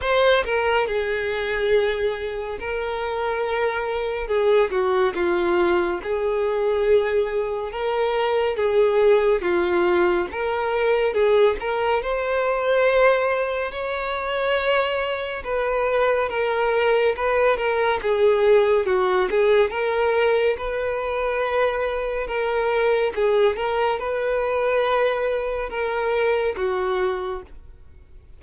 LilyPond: \new Staff \with { instrumentName = "violin" } { \time 4/4 \tempo 4 = 70 c''8 ais'8 gis'2 ais'4~ | ais'4 gis'8 fis'8 f'4 gis'4~ | gis'4 ais'4 gis'4 f'4 | ais'4 gis'8 ais'8 c''2 |
cis''2 b'4 ais'4 | b'8 ais'8 gis'4 fis'8 gis'8 ais'4 | b'2 ais'4 gis'8 ais'8 | b'2 ais'4 fis'4 | }